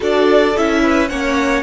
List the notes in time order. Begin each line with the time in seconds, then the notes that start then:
0.00 D4 F#4 A4 D5
0.56 C#4 E4 E5
0.82 B4
1.08 A#3 C#4 C#5 F#5